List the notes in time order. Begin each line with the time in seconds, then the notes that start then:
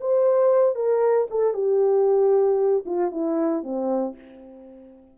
0.00 C5
0.75 A#4
1.30 A4
1.53 G4
2.86 F4
3.11 E4
3.63 C4